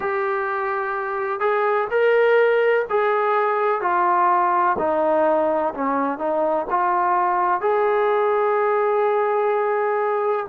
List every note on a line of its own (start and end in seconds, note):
0.00 1.40 G4
1.40 1.87 G#4
1.90 2.85 A#4
2.89 3.81 G#4
3.81 4.76 F4
4.78 5.73 D#4
5.74 6.18 C#4
6.18 6.65 D#4
6.70 7.60 F4
7.60 10.46 G#4